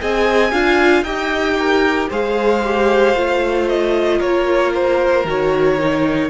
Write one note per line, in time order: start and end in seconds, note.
0.00 0.53 C4
0.00 0.53 G#4
0.00 0.52 D#5
0.00 1.04 G#5
0.52 1.03 D4
0.52 1.05 F4
0.52 1.04 F5
1.03 2.08 D#4
1.03 2.11 G4
1.03 1.57 D#5
1.03 2.09 G5
1.59 2.10 A#4
2.10 3.15 G#3
2.10 2.64 G#4
2.10 4.19 C5
2.10 3.69 F5
2.65 3.16 G4
3.15 4.21 A3
3.15 5.26 F4
3.69 4.21 D#5
4.19 5.25 A#3
4.19 6.30 A#4
4.19 4.74 C#5
4.75 5.27 C5
5.25 6.30 D#3
5.25 5.79 F#4
5.25 6.30 C#5
5.80 6.30 D#4